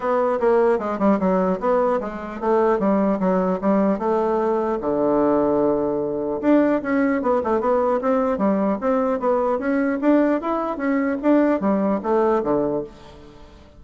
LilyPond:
\new Staff \with { instrumentName = "bassoon" } { \time 4/4 \tempo 4 = 150 b4 ais4 gis8 g8 fis4 | b4 gis4 a4 g4 | fis4 g4 a2 | d1 |
d'4 cis'4 b8 a8 b4 | c'4 g4 c'4 b4 | cis'4 d'4 e'4 cis'4 | d'4 g4 a4 d4 | }